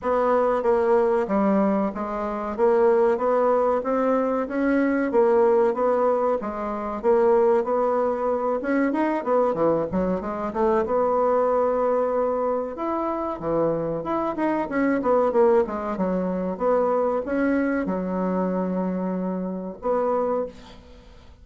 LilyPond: \new Staff \with { instrumentName = "bassoon" } { \time 4/4 \tempo 4 = 94 b4 ais4 g4 gis4 | ais4 b4 c'4 cis'4 | ais4 b4 gis4 ais4 | b4. cis'8 dis'8 b8 e8 fis8 |
gis8 a8 b2. | e'4 e4 e'8 dis'8 cis'8 b8 | ais8 gis8 fis4 b4 cis'4 | fis2. b4 | }